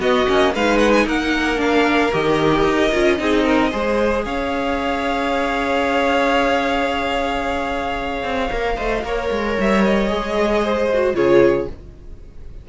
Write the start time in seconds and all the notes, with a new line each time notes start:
0.00 B3 F#4 D#5
0.28 A#3 C#4
0.55 G#3 D#4 B4 F5
0.79 F#5
0.93 G#5
1.06 A#3 A#4 F#5
1.57 D4 F5
2.12 D#3 G4 D#5
2.64 D#4
2.93 C#4 F4
3.18 C4 D#4 G#4
3.44 A#4
3.71 G#3 G#4 C5
4.25 C#4 C#5 F5
8.23 C4
8.51 A#3 A#4
8.76 A3 C5 D#5
9.04 A#3 A#4 C#5
9.31 G#3
9.59 G3 E5
9.85 D#5
10.10 G#3 G#4
10.64 C5
10.94 F#4
11.14 C#3 F4 G#4 C#5